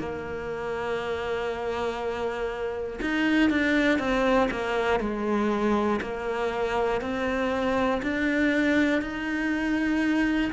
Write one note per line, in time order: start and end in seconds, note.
0.00 3.00 A#3
3.01 3.50 D#4
3.50 3.99 D4
3.99 4.49 C4
4.50 5.00 A#3
5.00 6.00 G#3
6.01 7.01 A#3
7.01 8.01 C4
8.02 9.02 D4
9.02 10.52 D#4